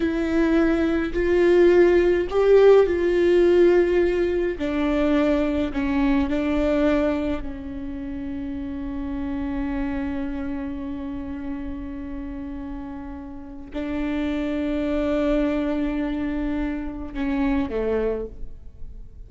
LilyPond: \new Staff \with { instrumentName = "viola" } { \time 4/4 \tempo 4 = 105 e'2 f'2 | g'4 f'2. | d'2 cis'4 d'4~ | d'4 cis'2.~ |
cis'1~ | cis'1 | d'1~ | d'2 cis'4 a4 | }